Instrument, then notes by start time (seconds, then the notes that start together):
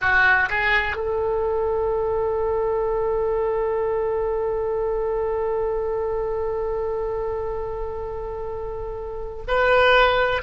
oboe
0.00 F#4
0.49 G#4
0.96 A4
9.48 B4